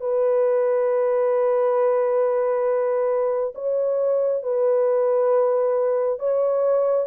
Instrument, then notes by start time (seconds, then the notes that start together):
horn
0.00 B4
3.55 C#5
4.42 B4
6.19 C#5